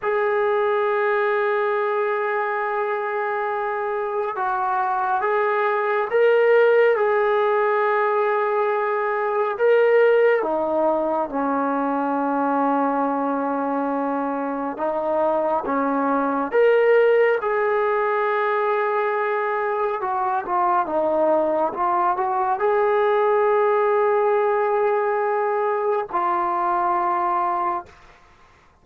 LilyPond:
\new Staff \with { instrumentName = "trombone" } { \time 4/4 \tempo 4 = 69 gis'1~ | gis'4 fis'4 gis'4 ais'4 | gis'2. ais'4 | dis'4 cis'2.~ |
cis'4 dis'4 cis'4 ais'4 | gis'2. fis'8 f'8 | dis'4 f'8 fis'8 gis'2~ | gis'2 f'2 | }